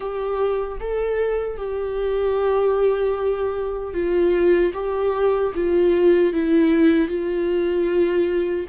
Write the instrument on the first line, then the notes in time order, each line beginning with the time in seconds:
viola
0.00 G4
0.79 A4
1.57 G4
3.93 F4
4.73 G4
5.54 F4
6.33 E4
7.08 F4